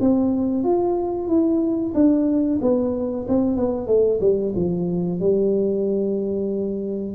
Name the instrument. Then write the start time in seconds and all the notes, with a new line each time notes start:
tuba
0.00 C4
0.63 F4
1.27 E4
1.94 D4
2.61 B3
3.28 C4
3.57 B3
3.87 A3
4.20 G3
4.55 F3
5.19 G3